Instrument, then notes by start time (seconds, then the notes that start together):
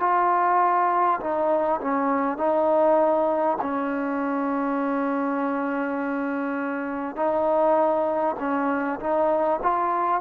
trombone
0.00 F4
1.20 D#4
1.81 C#4
2.37 D#4
3.62 C#4
7.16 D#4
8.39 C#4
8.99 D#4
9.63 F4